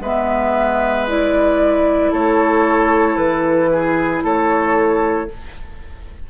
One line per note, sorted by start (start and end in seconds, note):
0.00 2.11 G#3
0.00 1.07 B3
0.00 2.12 B4
0.00 1.07 E5
1.07 5.29 E4
1.07 2.13 D5
2.12 3.17 A3
2.12 3.70 A4
2.12 3.17 C#5
3.17 4.22 E3
3.17 4.22 B4
3.72 4.24 G#4
4.23 5.28 A3
4.23 5.29 A4
4.23 5.30 C#5